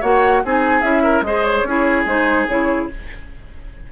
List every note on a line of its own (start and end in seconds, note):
0.00 0.43 A#3
0.00 0.43 F#4
0.00 0.41 C#5
0.00 0.43 F#5
0.44 0.82 C4
0.44 0.82 D#4
0.44 1.03 G#4
0.44 0.81 G#5
0.81 1.21 C#4
0.81 1.23 E4
0.81 1.22 E5
1.03 1.24 A#4
1.21 1.62 G#3
1.21 1.66 G#4
1.21 1.67 C5
1.21 1.43 D#5
1.43 2.05 C#5
1.63 2.04 C#4
1.63 2.07 E4
1.63 2.91 G#4
2.05 2.46 G#3
2.05 2.48 D#4
2.05 2.48 C5
2.48 2.90 C#3
2.48 2.89 E4
2.48 2.89 C#5